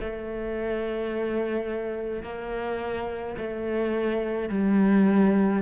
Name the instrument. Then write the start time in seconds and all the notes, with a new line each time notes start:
cello
0.00 A3
2.23 A#3
3.38 A3
4.49 G3